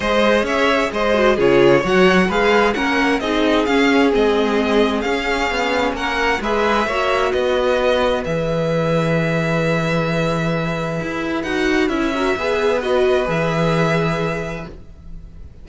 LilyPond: <<
  \new Staff \with { instrumentName = "violin" } { \time 4/4 \tempo 4 = 131 dis''4 e''4 dis''4 cis''4 | fis''4 f''4 fis''4 dis''4 | f''4 dis''2 f''4~ | f''4 fis''4 e''2 |
dis''2 e''2~ | e''1~ | e''4 fis''4 e''2 | dis''4 e''2. | }
  \new Staff \with { instrumentName = "violin" } { \time 4/4 c''4 cis''4 c''4 gis'4 | cis''4 b'4 ais'4 gis'4~ | gis'1~ | gis'4 ais'4 b'4 cis''4 |
b'1~ | b'1~ | b'2~ b'8 ais'8 b'4~ | b'1 | }
  \new Staff \with { instrumentName = "viola" } { \time 4/4 gis'2~ gis'8 fis'8 f'4 | fis'4 gis'4 cis'4 dis'4 | cis'4 c'2 cis'4~ | cis'2 gis'4 fis'4~ |
fis'2 gis'2~ | gis'1~ | gis'4 fis'4 e'8 fis'8 gis'4 | fis'4 gis'2. | }
  \new Staff \with { instrumentName = "cello" } { \time 4/4 gis4 cis'4 gis4 cis4 | fis4 gis4 ais4 c'4 | cis'4 gis2 cis'4 | b4 ais4 gis4 ais4 |
b2 e2~ | e1 | e'4 dis'4 cis'4 b4~ | b4 e2. | }
>>